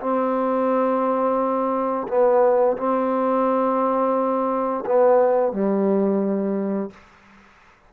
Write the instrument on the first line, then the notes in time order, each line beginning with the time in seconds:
trombone
0.00 C4
2.08 B3
2.77 C4
4.86 B3
5.52 G3